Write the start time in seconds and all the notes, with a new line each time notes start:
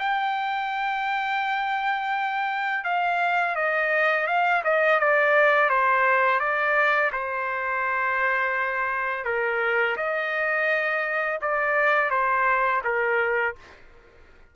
0.00 G5
2.84 F5
3.56 D#5
4.27 F5
4.65 D#5
5.00 D5
5.70 C5
6.40 D5
7.13 C5
9.25 A#4
9.97 D#5
11.42 D5
12.11 C5
12.84 A#4